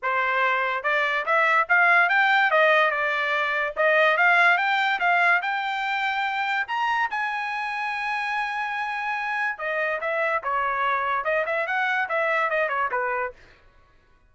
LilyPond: \new Staff \with { instrumentName = "trumpet" } { \time 4/4 \tempo 4 = 144 c''2 d''4 e''4 | f''4 g''4 dis''4 d''4~ | d''4 dis''4 f''4 g''4 | f''4 g''2. |
ais''4 gis''2.~ | gis''2. dis''4 | e''4 cis''2 dis''8 e''8 | fis''4 e''4 dis''8 cis''8 b'4 | }